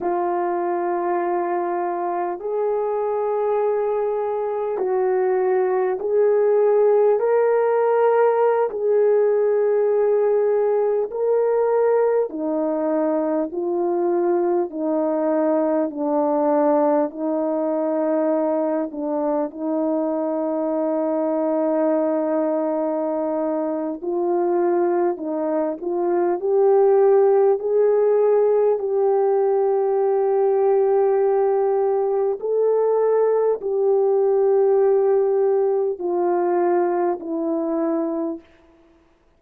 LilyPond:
\new Staff \with { instrumentName = "horn" } { \time 4/4 \tempo 4 = 50 f'2 gis'2 | fis'4 gis'4 ais'4~ ais'16 gis'8.~ | gis'4~ gis'16 ais'4 dis'4 f'8.~ | f'16 dis'4 d'4 dis'4. d'16~ |
d'16 dis'2.~ dis'8. | f'4 dis'8 f'8 g'4 gis'4 | g'2. a'4 | g'2 f'4 e'4 | }